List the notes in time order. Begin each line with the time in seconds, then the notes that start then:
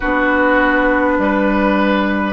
0.00 B3 D4 F#4 B4
1.18 G3 B4